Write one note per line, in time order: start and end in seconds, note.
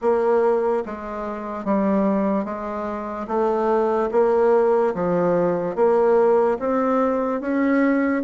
0.01 0.83 A#3
0.85 1.64 G#3
1.64 2.44 G3
2.44 3.27 G#3
3.27 4.09 A3
4.11 4.94 A#3
4.94 5.75 F3
5.75 6.58 A#3
6.59 7.40 C4
7.40 8.22 C#4